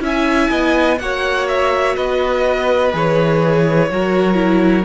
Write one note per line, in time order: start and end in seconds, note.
0.00 0.48 C#4
0.00 0.97 E4
0.00 0.50 E5
0.00 0.98 G#5
0.50 0.99 B3
0.50 0.98 D#5
0.98 1.96 A#3
0.98 2.92 F#4
0.98 1.96 C#5
0.98 1.47 F#5
1.48 1.95 E5
1.95 2.93 B3
1.95 3.90 B4
1.95 2.92 D#5
2.92 3.90 E3
2.92 3.89 G#4
2.92 4.85 C#5
3.90 4.85 F#3
3.90 4.34 F#4
3.90 4.85 A#4
4.34 4.82 E4